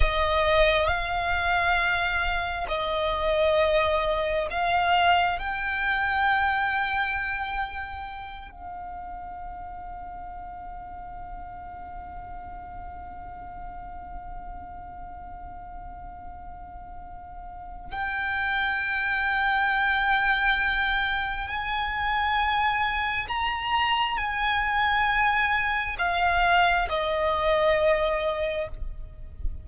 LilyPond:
\new Staff \with { instrumentName = "violin" } { \time 4/4 \tempo 4 = 67 dis''4 f''2 dis''4~ | dis''4 f''4 g''2~ | g''4. f''2~ f''8~ | f''1~ |
f''1 | g''1 | gis''2 ais''4 gis''4~ | gis''4 f''4 dis''2 | }